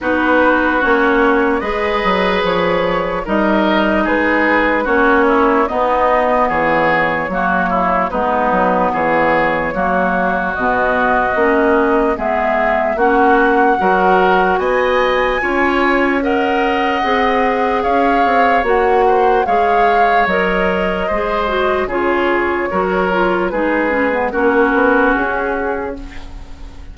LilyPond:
<<
  \new Staff \with { instrumentName = "flute" } { \time 4/4 \tempo 4 = 74 b'4 cis''4 dis''4 cis''4 | dis''4 b'4 cis''4 dis''4 | cis''2 b'4 cis''4~ | cis''4 dis''2 e''4 |
fis''2 gis''2 | fis''2 f''4 fis''4 | f''4 dis''2 cis''4~ | cis''4 b'4 ais'4 gis'4 | }
  \new Staff \with { instrumentName = "oboe" } { \time 4/4 fis'2 b'2 | ais'4 gis'4 fis'8 e'8 dis'4 | gis'4 fis'8 e'8 dis'4 gis'4 | fis'2. gis'4 |
fis'4 ais'4 dis''4 cis''4 | dis''2 cis''4. c''8 | cis''2 c''4 gis'4 | ais'4 gis'4 fis'2 | }
  \new Staff \with { instrumentName = "clarinet" } { \time 4/4 dis'4 cis'4 gis'2 | dis'2 cis'4 b4~ | b4 ais4 b2 | ais4 b4 cis'4 b4 |
cis'4 fis'2 f'4 | ais'4 gis'2 fis'4 | gis'4 ais'4 gis'8 fis'8 f'4 | fis'8 f'8 dis'8 cis'16 b16 cis'2 | }
  \new Staff \with { instrumentName = "bassoon" } { \time 4/4 b4 ais4 gis8 fis8 f4 | g4 gis4 ais4 b4 | e4 fis4 gis8 fis8 e4 | fis4 b,4 ais4 gis4 |
ais4 fis4 b4 cis'4~ | cis'4 c'4 cis'8 c'8 ais4 | gis4 fis4 gis4 cis4 | fis4 gis4 ais8 b8 cis'4 | }
>>